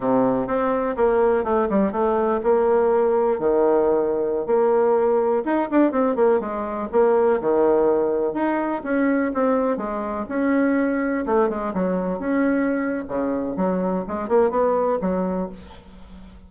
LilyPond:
\new Staff \with { instrumentName = "bassoon" } { \time 4/4 \tempo 4 = 124 c4 c'4 ais4 a8 g8 | a4 ais2 dis4~ | dis4~ dis16 ais2 dis'8 d'16~ | d'16 c'8 ais8 gis4 ais4 dis8.~ |
dis4~ dis16 dis'4 cis'4 c'8.~ | c'16 gis4 cis'2 a8 gis16~ | gis16 fis4 cis'4.~ cis'16 cis4 | fis4 gis8 ais8 b4 fis4 | }